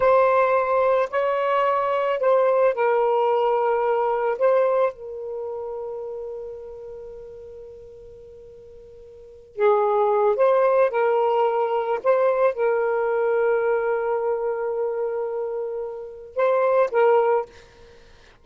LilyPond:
\new Staff \with { instrumentName = "saxophone" } { \time 4/4 \tempo 4 = 110 c''2 cis''2 | c''4 ais'2. | c''4 ais'2.~ | ais'1~ |
ais'4. gis'4. c''4 | ais'2 c''4 ais'4~ | ais'1~ | ais'2 c''4 ais'4 | }